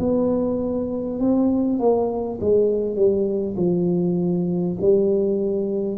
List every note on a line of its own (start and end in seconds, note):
0.00 1.19 B3
1.19 1.79 C4
1.79 2.39 A#3
2.41 2.96 G#3
2.96 3.56 G3
3.57 4.77 F3
4.82 5.98 G3